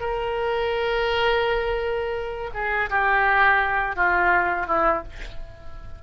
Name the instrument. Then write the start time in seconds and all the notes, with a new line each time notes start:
oboe
0.00 A#4
2.54 G#4
2.90 G4
3.96 F4
4.67 E4